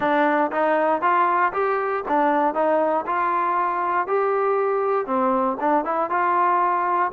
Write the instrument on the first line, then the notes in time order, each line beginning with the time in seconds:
trombone
0.00 D4
0.51 D#4
1.01 F4
1.52 G4
2.08 D4
2.54 D#4
3.06 F4
4.07 G4
5.06 C4
5.60 D4
5.85 E4
6.09 F4